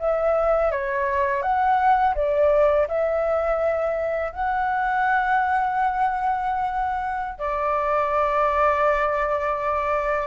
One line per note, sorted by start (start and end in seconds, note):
0.00 0.72 E5
0.72 1.43 C#5
1.43 2.15 F#5
2.16 2.88 D5
2.88 4.33 E5
4.33 7.39 F#5
7.39 10.28 D5